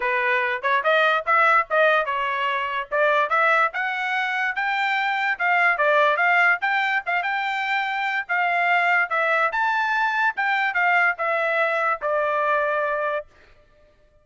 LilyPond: \new Staff \with { instrumentName = "trumpet" } { \time 4/4 \tempo 4 = 145 b'4. cis''8 dis''4 e''4 | dis''4 cis''2 d''4 | e''4 fis''2 g''4~ | g''4 f''4 d''4 f''4 |
g''4 f''8 g''2~ g''8 | f''2 e''4 a''4~ | a''4 g''4 f''4 e''4~ | e''4 d''2. | }